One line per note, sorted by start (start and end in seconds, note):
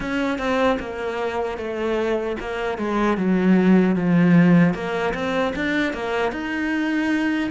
0.00 0.38 C#4
0.38 0.78 C4
0.79 1.57 A#3
1.57 2.36 A3
2.40 2.78 A#3
2.78 3.17 G#3
3.17 3.95 F#3
3.95 4.74 F3
4.74 5.13 A#3
5.14 5.53 C4
5.55 5.93 D4
5.93 6.32 A#3
6.32 7.50 D#4